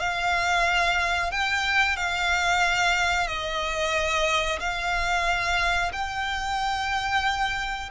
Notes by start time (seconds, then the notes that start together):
0.00 F5
1.31 G5
1.97 F5
3.27 D#5
4.60 F5
5.93 G5